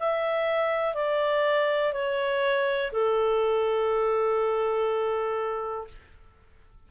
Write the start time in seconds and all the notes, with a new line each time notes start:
0.00 E5
0.95 D5
1.93 C#5
2.92 A4